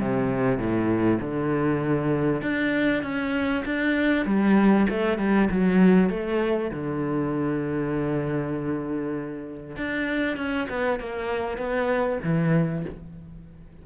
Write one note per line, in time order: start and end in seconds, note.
0.00 0.58 C3
0.58 1.19 A2
1.21 2.42 D3
2.42 3.03 D4
3.03 3.64 C#4
3.65 4.26 D4
4.26 4.87 G3
4.90 5.18 A3
5.18 5.49 G3
5.50 6.09 F#3
6.09 6.71 A3
6.71 9.77 D3
9.77 10.37 D4
10.37 10.68 C#4
10.69 11.00 B3
11.00 11.57 A#3
11.57 12.19 B3
12.24 12.85 E3